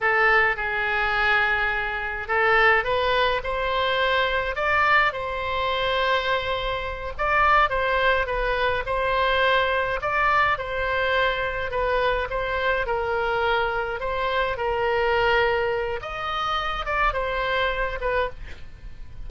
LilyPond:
\new Staff \with { instrumentName = "oboe" } { \time 4/4 \tempo 4 = 105 a'4 gis'2. | a'4 b'4 c''2 | d''4 c''2.~ | c''8 d''4 c''4 b'4 c''8~ |
c''4. d''4 c''4.~ | c''8 b'4 c''4 ais'4.~ | ais'8 c''4 ais'2~ ais'8 | dis''4. d''8 c''4. b'8 | }